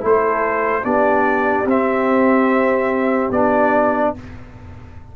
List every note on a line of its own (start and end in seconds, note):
0.00 0.84 A3
0.00 0.82 E4
0.00 0.83 A4
0.00 0.85 C5
0.83 1.65 B3
0.83 1.65 D4
0.83 4.12 G4
0.83 1.67 D5
1.65 3.29 C4
1.65 3.33 C4
1.65 3.32 E5
3.30 4.12 B3
3.30 4.16 D4
3.30 4.14 D5